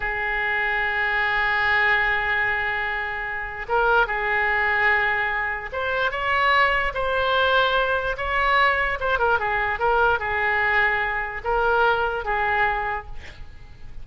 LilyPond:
\new Staff \with { instrumentName = "oboe" } { \time 4/4 \tempo 4 = 147 gis'1~ | gis'1~ | gis'4 ais'4 gis'2~ | gis'2 c''4 cis''4~ |
cis''4 c''2. | cis''2 c''8 ais'8 gis'4 | ais'4 gis'2. | ais'2 gis'2 | }